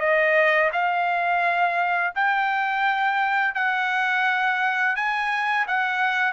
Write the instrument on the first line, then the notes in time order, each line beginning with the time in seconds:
trumpet
0.00 D#5
0.73 F5
2.15 G5
3.55 F#5
4.96 G#5
5.68 F#5